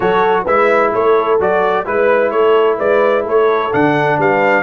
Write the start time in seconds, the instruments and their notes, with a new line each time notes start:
0.00 tuba F#3, trombone F#4, horn A4, trumpet C#5
0.44 tuba G#3, trombone E4, horn B4, trumpet E5
0.93 tuba A3, horn A4, trumpet C#5
1.40 tuba F#3, trombone F#4, trumpet D5
1.85 tuba G#3, trombone E4, horn B4, trumpet B4
2.30 tuba A3, horn A4, trumpet C#5
2.77 tuba G#3, horn B4, trumpet D5
3.23 tuba A3, horn A4, trumpet C#5
3.73 tuba D3, trombone D4, trumpet F#5
4.18 tuba G3, horn B4, trumpet F5